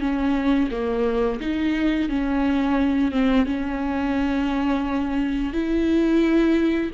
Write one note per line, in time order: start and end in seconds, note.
0.00 0.69 C#4
0.71 1.40 A#3
1.40 2.09 D#4
2.09 3.11 C#4
3.11 3.46 C4
3.46 5.53 C#4
5.53 6.91 E4